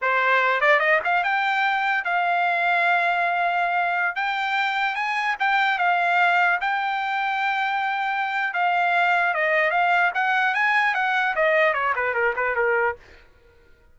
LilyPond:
\new Staff \with { instrumentName = "trumpet" } { \time 4/4 \tempo 4 = 148 c''4. d''8 dis''8 f''8 g''4~ | g''4 f''2.~ | f''2~ f''16 g''4.~ g''16~ | g''16 gis''4 g''4 f''4.~ f''16~ |
f''16 g''2.~ g''8.~ | g''4 f''2 dis''4 | f''4 fis''4 gis''4 fis''4 | dis''4 cis''8 b'8 ais'8 b'8 ais'4 | }